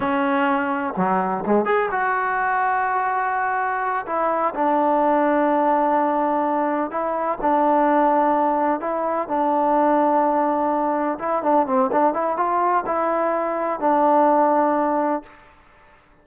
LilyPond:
\new Staff \with { instrumentName = "trombone" } { \time 4/4 \tempo 4 = 126 cis'2 fis4 gis8 gis'8 | fis'1~ | fis'8 e'4 d'2~ d'8~ | d'2~ d'8 e'4 d'8~ |
d'2~ d'8 e'4 d'8~ | d'2.~ d'8 e'8 | d'8 c'8 d'8 e'8 f'4 e'4~ | e'4 d'2. | }